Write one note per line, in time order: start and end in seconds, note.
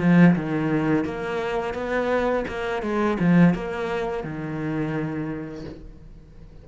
0.00 0.35 F3
0.36 1.05 D#3
1.05 1.74 A#3
1.74 2.45 B3
2.48 2.82 A#3
2.82 3.18 G#3
3.20 3.55 F3
3.55 4.24 A#3
4.24 5.65 D#3